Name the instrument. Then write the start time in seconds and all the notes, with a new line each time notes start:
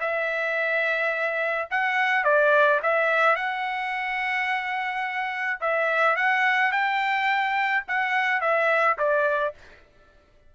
trumpet
0.00 E5
1.71 F#5
2.24 D5
2.82 E5
3.36 F#5
5.60 E5
6.16 F#5
6.72 G5
7.88 F#5
8.41 E5
8.98 D5